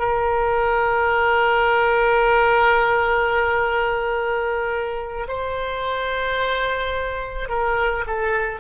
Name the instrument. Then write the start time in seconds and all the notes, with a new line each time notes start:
oboe
0.00 A#4
5.28 C5
7.49 A#4
8.07 A4